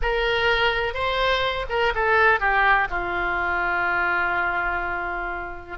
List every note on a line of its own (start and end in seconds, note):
0.02 0.94 A#4
0.94 1.66 C5
1.69 1.93 A#4
1.94 2.40 A4
2.40 2.88 G4
2.90 5.78 F4